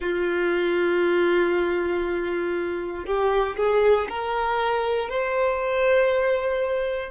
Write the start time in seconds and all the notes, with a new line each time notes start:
0.00 F4
3.05 G4
3.56 G#4
4.09 A#4
5.09 C5